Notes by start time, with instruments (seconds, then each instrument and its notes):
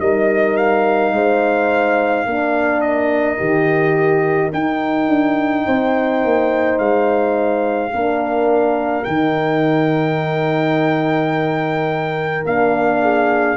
0.00 tuba G3, horn D#4 A#4, trumpet D#5
0.57 trumpet F5
1.12 tuba G#3, horn C5
2.25 tuba A#3, horn D4 A#4
2.81 trumpet D#5
3.38 tuba D#3, horn G4
4.52 tuba D#4, horn D#4, trumpet G5
5.08 tuba D4
5.66 tuba C4, horn C5
6.24 tuba A#3
6.79 tuba G#3, trumpet F5
7.92 tuba A#3, horn D4 A#4
9.04 tuba D#3, horn D#4, trumpet G5
12.45 tuba A#3, horn D4, trumpet F5
13.02 horn G#4